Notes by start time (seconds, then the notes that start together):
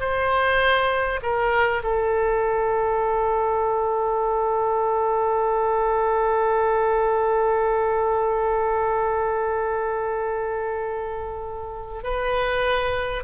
0.00 C5
1.22 A#4
1.83 A4
12.03 B4